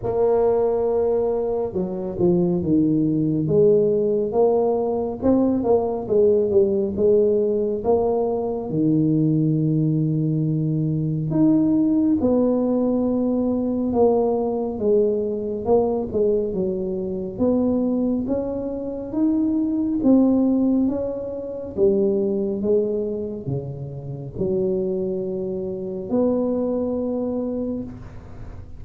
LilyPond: \new Staff \with { instrumentName = "tuba" } { \time 4/4 \tempo 4 = 69 ais2 fis8 f8 dis4 | gis4 ais4 c'8 ais8 gis8 g8 | gis4 ais4 dis2~ | dis4 dis'4 b2 |
ais4 gis4 ais8 gis8 fis4 | b4 cis'4 dis'4 c'4 | cis'4 g4 gis4 cis4 | fis2 b2 | }